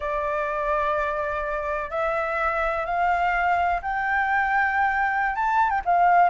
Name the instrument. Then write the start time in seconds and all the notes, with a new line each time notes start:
flute
0.00 D5
1.90 E5
2.85 F5
3.81 G5
5.35 A5
5.69 G5
5.85 F5